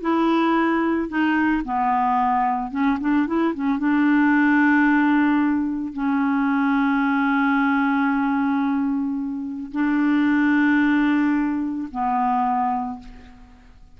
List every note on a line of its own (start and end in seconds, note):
0.00 1.08 E4
1.08 1.62 D#4
1.64 2.71 B3
2.71 2.98 C#4
3.00 3.27 D4
3.27 3.54 E4
3.54 3.78 C#4
3.78 5.93 D4
5.93 9.71 C#4
9.72 11.88 D4
11.91 12.99 B3